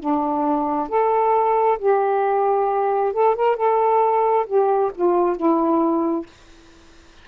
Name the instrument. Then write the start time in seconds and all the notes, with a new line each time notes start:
saxophone
0.00 D4
0.89 A4
1.79 G4
3.13 A4
3.36 A#4
3.57 A4
4.47 G4
4.95 F4
5.37 E4